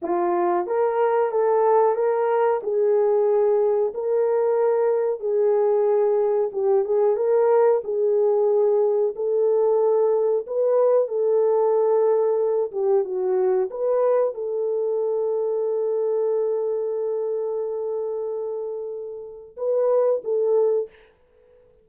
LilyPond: \new Staff \with { instrumentName = "horn" } { \time 4/4 \tempo 4 = 92 f'4 ais'4 a'4 ais'4 | gis'2 ais'2 | gis'2 g'8 gis'8 ais'4 | gis'2 a'2 |
b'4 a'2~ a'8 g'8 | fis'4 b'4 a'2~ | a'1~ | a'2 b'4 a'4 | }